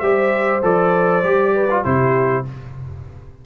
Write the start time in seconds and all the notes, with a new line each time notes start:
0.00 G3 G4 C5 E5
0.62 F3 A4 D5
1.23 G3 G4
1.54 B4
1.70 F4
1.84 C3 E4 G4 C5